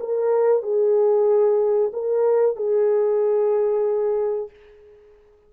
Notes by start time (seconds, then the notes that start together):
0.00 A#4
0.63 G#4
1.94 A#4
2.57 G#4